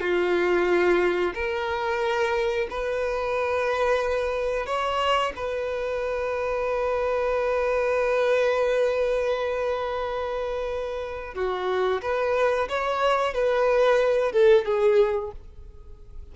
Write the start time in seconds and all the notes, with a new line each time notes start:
0.00 F4
1.35 A#4
2.70 B4
4.66 C#5
5.36 B4
11.35 F#4
12.02 B4
12.69 C#5
13.34 B4
14.32 A4
14.65 G#4